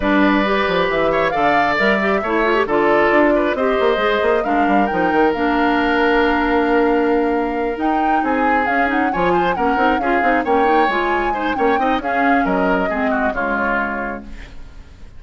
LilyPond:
<<
  \new Staff \with { instrumentName = "flute" } { \time 4/4 \tempo 4 = 135 d''2 e''4 f''4 | e''2 d''2 | dis''2 f''4 g''4 | f''1~ |
f''4. g''4 gis''4 f''8 | fis''8 gis''4 fis''4 f''4 g''8~ | g''8 gis''4. g''4 f''4 | dis''2 cis''2 | }
  \new Staff \with { instrumentName = "oboe" } { \time 4/4 b'2~ b'8 cis''8 d''4~ | d''4 cis''4 a'4. b'8 | c''2 ais'2~ | ais'1~ |
ais'2~ ais'8 gis'4.~ | gis'8 cis''8 c''8 ais'4 gis'4 cis''8~ | cis''4. c''8 cis''8 dis''8 gis'4 | ais'4 gis'8 fis'8 f'2 | }
  \new Staff \with { instrumentName = "clarinet" } { \time 4/4 d'4 g'2 a'4 | ais'8 g'8 e'8 f'16 g'16 f'2 | g'4 gis'4 d'4 dis'4 | d'1~ |
d'4. dis'2 cis'8 | dis'8 f'4 cis'8 dis'8 f'8 dis'8 cis'8 | dis'8 f'4 dis'8 cis'8 dis'8 cis'4~ | cis'4 c'4 gis2 | }
  \new Staff \with { instrumentName = "bassoon" } { \time 4/4 g4. f8 e4 d4 | g4 a4 d4 d'4 | c'8 ais8 gis8 ais8 gis8 g8 f8 dis8 | ais1~ |
ais4. dis'4 c'4 cis'8~ | cis'8 f4 ais8 c'8 cis'8 c'8 ais8~ | ais8 gis4. ais8 c'8 cis'4 | fis4 gis4 cis2 | }
>>